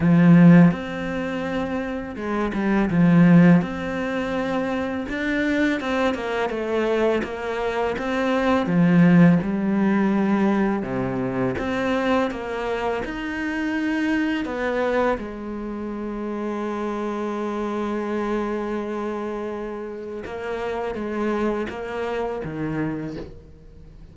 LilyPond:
\new Staff \with { instrumentName = "cello" } { \time 4/4 \tempo 4 = 83 f4 c'2 gis8 g8 | f4 c'2 d'4 | c'8 ais8 a4 ais4 c'4 | f4 g2 c4 |
c'4 ais4 dis'2 | b4 gis2.~ | gis1 | ais4 gis4 ais4 dis4 | }